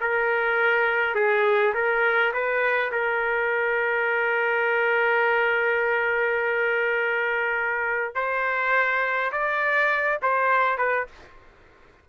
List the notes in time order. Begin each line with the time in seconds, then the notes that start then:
0.00 A#4
1.15 G#4
1.74 A#4
2.33 B4
2.92 A#4
8.14 C5
9.31 D5
10.22 C5
10.77 B4